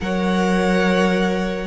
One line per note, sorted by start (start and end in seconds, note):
0.00 1.67 F#3
0.00 1.67 A#4
0.00 1.67 C#5
0.00 1.67 F#5